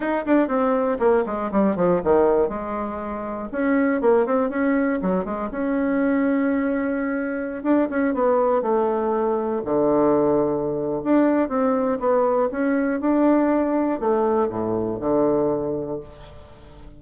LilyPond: \new Staff \with { instrumentName = "bassoon" } { \time 4/4 \tempo 4 = 120 dis'8 d'8 c'4 ais8 gis8 g8 f8 | dis4 gis2 cis'4 | ais8 c'8 cis'4 fis8 gis8 cis'4~ | cis'2.~ cis'16 d'8 cis'16~ |
cis'16 b4 a2 d8.~ | d2 d'4 c'4 | b4 cis'4 d'2 | a4 a,4 d2 | }